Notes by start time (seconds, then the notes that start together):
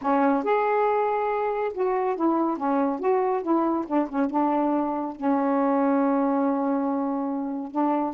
0.01 C#4
0.43 G#4
1.73 F#4
2.15 E4
2.57 C#4
2.99 F#4
3.42 E4
3.86 D4
4.09 C#4
4.30 D4
5.16 C#4
7.71 D4